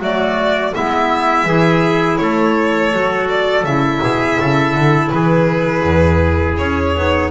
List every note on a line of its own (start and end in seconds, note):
0.00 0.73 F#3
0.00 0.74 A3
0.00 0.73 F#4
0.00 0.75 D5
0.75 1.45 G#3
0.75 1.48 B3
0.75 1.48 E4
0.75 2.18 E5
1.45 2.18 E3
1.45 2.93 E4
1.45 2.21 G#4
2.18 2.94 A3
2.18 4.04 A4
2.18 3.28 C#5
2.93 3.64 F#3
2.93 3.66 F#4
3.30 3.65 D5
3.64 4.01 C#3
3.64 6.96 E4
3.64 5.09 E5
4.03 4.39 B2
4.03 4.40 G#4
4.40 4.75 C#3
4.40 5.14 A4
4.75 5.11 D3
5.09 5.83 E3
5.09 7.31 G#4
5.09 6.55 B4
5.83 6.56 E2
6.58 6.96 C#4
6.58 7.31 C#5
6.96 7.31 B3
6.96 7.31 D#4